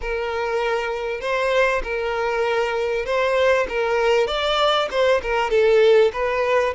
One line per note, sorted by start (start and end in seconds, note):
0.01 1.20 A#4
1.20 1.81 C5
1.83 3.05 A#4
3.05 3.67 C5
3.68 4.27 A#4
4.27 4.88 D5
4.90 5.21 C5
5.22 5.50 A#4
5.50 6.11 A4
6.12 6.73 B4